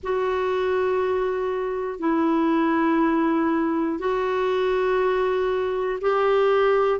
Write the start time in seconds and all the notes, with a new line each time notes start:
0.03 F#4
1.99 E4
3.99 F#4
6.01 G4